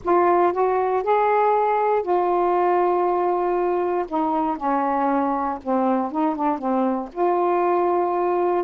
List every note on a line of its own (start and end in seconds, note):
0.04 0.52 F4
0.52 1.03 F#4
1.03 2.02 G#4
2.02 4.05 F4
4.08 4.57 D#4
4.57 5.58 C#4
5.63 6.11 C4
6.11 6.35 D#4
6.35 6.58 D4
6.58 7.09 C4
7.12 8.64 F4